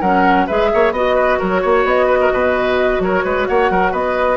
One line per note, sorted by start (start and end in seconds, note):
0.00 0.47 F#3
0.00 0.48 C#4
0.00 0.46 A#4
0.00 0.47 F#5
0.47 0.73 G#3
0.47 0.95 G#4
0.47 0.70 B4
0.47 0.93 E5
0.74 0.91 A#3
0.74 0.93 C#5
0.91 1.37 B3
0.91 4.37 F#4
0.91 1.15 D#5
0.91 1.40 D#5
1.15 1.38 B4
1.39 1.64 F#3
1.39 1.62 A#4
1.39 1.87 C#5
1.62 1.85 A#3
1.62 2.06 C#5
1.85 2.31 B3
1.85 3.01 D#5
2.06 2.18 B4
2.21 2.32 A#4
2.32 2.99 B2
2.32 3.02 B4
2.99 3.22 F#3
2.99 3.24 A#4
2.99 3.47 C#5
3.24 3.47 G#3
3.24 3.47 B4
3.47 3.70 A#3
3.47 3.71 C#5
3.47 3.93 F#5
3.70 3.92 F#3
3.70 3.91 A#4
3.91 4.37 B3
3.91 4.37 B4
3.91 4.37 D#5